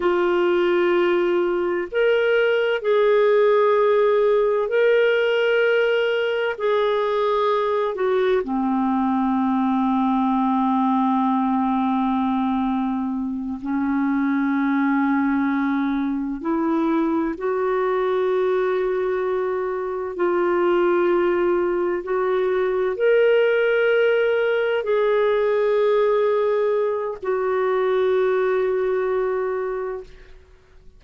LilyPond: \new Staff \with { instrumentName = "clarinet" } { \time 4/4 \tempo 4 = 64 f'2 ais'4 gis'4~ | gis'4 ais'2 gis'4~ | gis'8 fis'8 c'2.~ | c'2~ c'8 cis'4.~ |
cis'4. e'4 fis'4.~ | fis'4. f'2 fis'8~ | fis'8 ais'2 gis'4.~ | gis'4 fis'2. | }